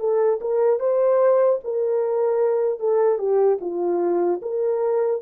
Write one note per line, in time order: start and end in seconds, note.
0.00 0.40 A4
0.41 0.80 A#4
0.80 1.60 C5
1.64 2.80 A#4
2.80 3.19 A4
3.19 3.59 G4
3.61 4.41 F4
4.43 5.22 A#4